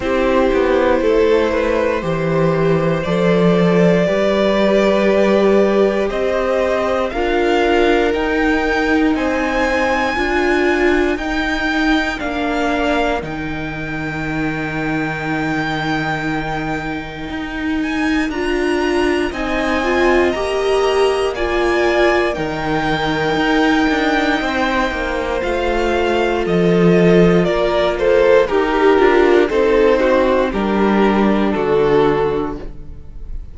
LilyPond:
<<
  \new Staff \with { instrumentName = "violin" } { \time 4/4 \tempo 4 = 59 c''2. d''4~ | d''2 dis''4 f''4 | g''4 gis''2 g''4 | f''4 g''2.~ |
g''4. gis''8 ais''4 gis''4 | ais''4 gis''4 g''2~ | g''4 f''4 dis''4 d''8 c''8 | ais'4 c''4 ais'4 a'4 | }
  \new Staff \with { instrumentName = "violin" } { \time 4/4 g'4 a'8 b'8 c''2 | b'2 c''4 ais'4~ | ais'4 c''4 ais'2~ | ais'1~ |
ais'2. dis''4~ | dis''4 d''4 ais'2 | c''2 a'4 ais'8 a'8 | g'4 a'8 fis'8 g'4 fis'4 | }
  \new Staff \with { instrumentName = "viola" } { \time 4/4 e'2 g'4 a'4 | g'2. f'4 | dis'2 f'4 dis'4 | d'4 dis'2.~ |
dis'2 f'4 dis'8 f'8 | g'4 f'4 dis'2~ | dis'4 f'2. | g'8 f'8 dis'4 d'2 | }
  \new Staff \with { instrumentName = "cello" } { \time 4/4 c'8 b8 a4 e4 f4 | g2 c'4 d'4 | dis'4 c'4 d'4 dis'4 | ais4 dis2.~ |
dis4 dis'4 d'4 c'4 | ais2 dis4 dis'8 d'8 | c'8 ais8 a4 f4 ais4 | dis'8 d'8 c'4 g4 d4 | }
>>